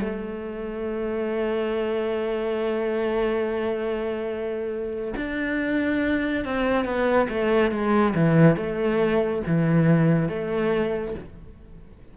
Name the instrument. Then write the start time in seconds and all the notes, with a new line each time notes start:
cello
0.00 A3
5.17 D4
6.45 C4
6.85 B3
7.30 A3
7.71 G#3
8.15 E3
8.57 A3
9.47 E3
10.29 A3